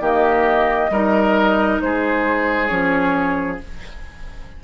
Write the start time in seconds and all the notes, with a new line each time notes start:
0.00 D#3 A#3 G4 D#5
0.90 G3 D#4 A#4
1.81 G#3 G#4 C5
2.67 F3 C#4 C#5